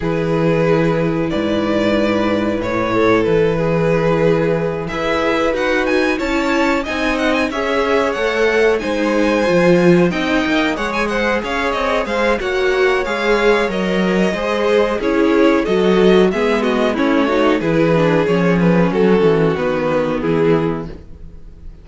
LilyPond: <<
  \new Staff \with { instrumentName = "violin" } { \time 4/4 \tempo 4 = 92 b'2 d''2 | cis''4 b'2~ b'8 e''8~ | e''8 fis''8 gis''8 a''4 gis''8 fis''16 gis''16 e''8~ | e''8 fis''4 gis''2 g''8~ |
g''8 fis''16 gis''16 fis''8 f''8 dis''8 f''8 fis''4 | f''4 dis''2 cis''4 | dis''4 e''8 dis''8 cis''4 b'4 | cis''8 b'8 a'4 b'4 gis'4 | }
  \new Staff \with { instrumentName = "violin" } { \time 4/4 gis'2 b'2~ | b'8 a'4 gis'2 b'8~ | b'4. cis''4 dis''4 cis''8~ | cis''4. c''2 dis''8~ |
dis''8 cis''8 c''8 cis''4 c''8 cis''4~ | cis''2 c''4 gis'4 | a'4 gis'8 fis'8 e'8 fis'8 gis'4~ | gis'4 fis'2 e'4 | }
  \new Staff \with { instrumentName = "viola" } { \time 4/4 e'1~ | e'2.~ e'8 gis'8~ | gis'8 fis'4 e'4 dis'4 gis'8~ | gis'8 a'4 dis'4 f'4 dis'8~ |
dis'8 gis'2~ gis'8 fis'4 | gis'4 ais'4 gis'4 e'4 | fis'4 b4 cis'8 dis'8 e'8 d'8 | cis'2 b2 | }
  \new Staff \with { instrumentName = "cello" } { \time 4/4 e2 gis,2 | a,4 e2~ e8 e'8~ | e'8 dis'4 cis'4 c'4 cis'8~ | cis'8 a4 gis4 f4 c'8 |
ais8 gis4 cis'8 c'8 gis8 ais4 | gis4 fis4 gis4 cis'4 | fis4 gis4 a4 e4 | f4 fis8 e8 dis4 e4 | }
>>